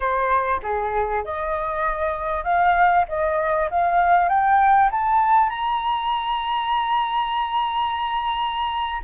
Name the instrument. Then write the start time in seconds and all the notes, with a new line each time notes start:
flute
0.00 C5
0.62 G#4
1.24 D#5
2.44 F5
3.08 D#5
3.70 F5
4.29 G5
4.91 A5
5.49 A#5